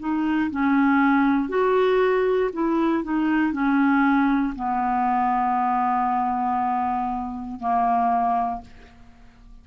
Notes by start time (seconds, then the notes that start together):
0.00 D#4
0.51 C#4
1.49 F#4
2.53 E4
3.04 D#4
3.53 C#4
4.56 B3
7.60 A#3